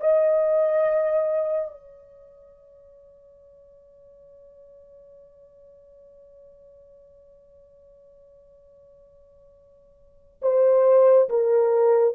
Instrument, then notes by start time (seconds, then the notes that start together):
horn
0.00 D#5
1.71 C#5
10.42 C5
11.29 A#4